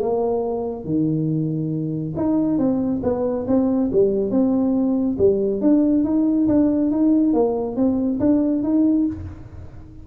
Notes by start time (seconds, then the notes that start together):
0.00 A#3
0.84 D#3
2.16 D#4
2.58 C4
3.03 B3
3.47 C4
3.92 G3
4.30 C4
5.18 G3
5.61 D4
6.04 D#4
6.48 D4
6.91 D#4
7.33 A#3
7.76 C4
8.20 D4
8.63 D#4